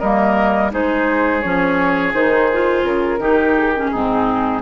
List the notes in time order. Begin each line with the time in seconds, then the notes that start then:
0.00 G3 A#3 A#4 D#5
0.71 G#3 D#4 G#4 C5
1.42 F3 C#4 C#5
2.14 D#3 D#4 C5
2.53 F4
2.84 C#3 A#4
3.19 D#3 D#4 G4
3.58 G#4
3.76 C#4
3.91 G#2 C4 D#4